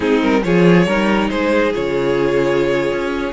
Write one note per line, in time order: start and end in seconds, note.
0.00 0.20 G#3
0.00 0.42 C4
0.00 0.42 D#4
0.00 0.21 G#4
0.21 0.44 G3
0.21 0.43 A#4
0.43 0.87 F3
0.43 0.87 F4
0.43 0.87 G#4
0.43 1.29 C#5
0.87 1.30 G3
0.87 1.72 D#4
0.87 1.30 A#4
1.29 1.74 G#3
1.29 3.32 G#4
1.29 1.72 C5
1.72 2.91 C#3
1.72 3.32 F4
1.72 3.32 C#5
2.91 3.32 C#4